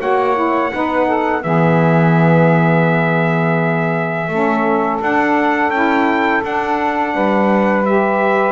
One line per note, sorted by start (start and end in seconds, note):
0.00 0.73 A#3
0.00 0.34 F#4
0.00 0.72 C#5
0.00 1.43 F#5
0.34 0.70 E4
0.72 1.45 B3
0.72 1.41 D#4
0.72 1.06 B4
1.06 1.42 A4
1.41 4.29 E3
1.41 4.27 B3
1.41 4.30 G#4
1.41 5.00 E5
4.29 5.00 A3
4.29 5.01 C#4
4.29 7.15 A4
5.01 5.72 D4
5.01 5.70 D4
5.01 5.71 F#5
5.70 6.41 C#4
5.70 6.42 E4
5.70 6.42 G5
6.42 7.85 D4
6.42 7.15 D4
6.42 7.86 F#5
7.15 8.53 G3
7.15 8.53 B4
7.86 8.53 G4
7.86 8.53 E5